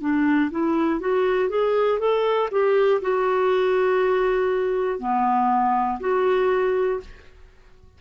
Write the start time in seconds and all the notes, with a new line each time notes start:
0.00 D4
0.50 E4
1.00 F#4
1.49 G#4
1.99 A4
2.51 G4
3.01 F#4
4.99 B3
6.00 F#4